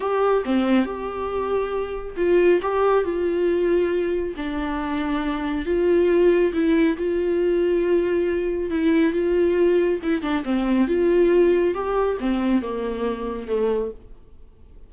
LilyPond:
\new Staff \with { instrumentName = "viola" } { \time 4/4 \tempo 4 = 138 g'4 c'4 g'2~ | g'4 f'4 g'4 f'4~ | f'2 d'2~ | d'4 f'2 e'4 |
f'1 | e'4 f'2 e'8 d'8 | c'4 f'2 g'4 | c'4 ais2 a4 | }